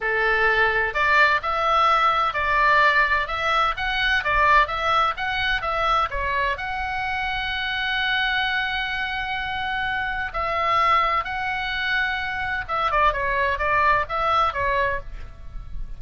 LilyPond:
\new Staff \with { instrumentName = "oboe" } { \time 4/4 \tempo 4 = 128 a'2 d''4 e''4~ | e''4 d''2 e''4 | fis''4 d''4 e''4 fis''4 | e''4 cis''4 fis''2~ |
fis''1~ | fis''2 e''2 | fis''2. e''8 d''8 | cis''4 d''4 e''4 cis''4 | }